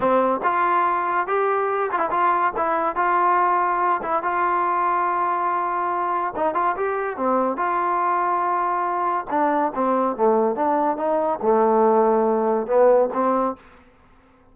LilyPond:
\new Staff \with { instrumentName = "trombone" } { \time 4/4 \tempo 4 = 142 c'4 f'2 g'4~ | g'8 f'16 e'16 f'4 e'4 f'4~ | f'4. e'8 f'2~ | f'2. dis'8 f'8 |
g'4 c'4 f'2~ | f'2 d'4 c'4 | a4 d'4 dis'4 a4~ | a2 b4 c'4 | }